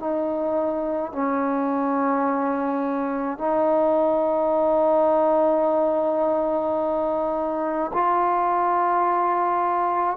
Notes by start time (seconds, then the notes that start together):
0.00 D#4
1.13 C#4
3.39 D#4
7.93 F4